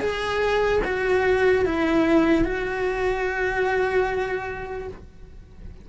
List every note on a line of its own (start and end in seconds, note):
0.00 0.81 G#4
0.84 1.65 F#4
1.65 2.44 E4
2.44 4.88 F#4